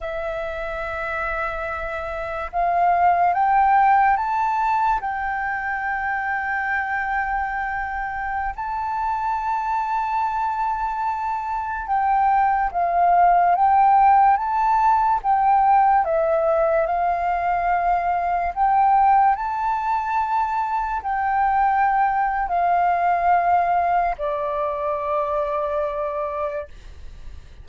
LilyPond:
\new Staff \with { instrumentName = "flute" } { \time 4/4 \tempo 4 = 72 e''2. f''4 | g''4 a''4 g''2~ | g''2~ g''16 a''4.~ a''16~ | a''2~ a''16 g''4 f''8.~ |
f''16 g''4 a''4 g''4 e''8.~ | e''16 f''2 g''4 a''8.~ | a''4~ a''16 g''4.~ g''16 f''4~ | f''4 d''2. | }